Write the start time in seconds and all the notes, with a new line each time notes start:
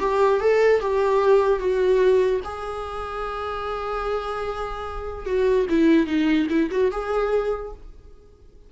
0.00 G4
0.41 A4
0.81 G4
1.60 F#4
2.45 G#4
5.26 F#4
5.70 E4
6.07 D#4
6.50 E4
6.71 F#4
6.92 G#4